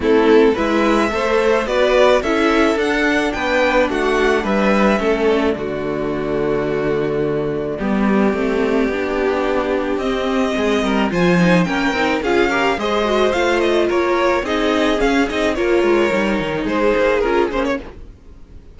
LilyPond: <<
  \new Staff \with { instrumentName = "violin" } { \time 4/4 \tempo 4 = 108 a'4 e''2 d''4 | e''4 fis''4 g''4 fis''4 | e''4. d''2~ d''8~ | d''1~ |
d''2 dis''2 | gis''4 g''4 f''4 dis''4 | f''8 dis''8 cis''4 dis''4 f''8 dis''8 | cis''2 c''4 ais'8 c''16 cis''16 | }
  \new Staff \with { instrumentName = "violin" } { \time 4/4 e'4 b'4 c''4 b'4 | a'2 b'4 fis'4 | b'4 a'4 fis'2~ | fis'2 g'2~ |
g'2. gis'8 ais'8 | c''4 ais'4 gis'8 ais'8 c''4~ | c''4 ais'4 gis'2 | ais'2 gis'2 | }
  \new Staff \with { instrumentName = "viola" } { \time 4/4 c'4 e'4 a'4 fis'4 | e'4 d'2.~ | d'4 cis'4 a2~ | a2 b4 c'4 |
d'2 c'2 | f'8 dis'8 cis'8 dis'8 f'8 g'8 gis'8 fis'8 | f'2 dis'4 cis'8 dis'8 | f'4 dis'2 f'8 cis'8 | }
  \new Staff \with { instrumentName = "cello" } { \time 4/4 a4 gis4 a4 b4 | cis'4 d'4 b4 a4 | g4 a4 d2~ | d2 g4 a4 |
b2 c'4 gis8 g8 | f4 ais8 c'8 cis'4 gis4 | a4 ais4 c'4 cis'8 c'8 | ais8 gis8 g8 dis8 gis8 ais8 cis'8 ais8 | }
>>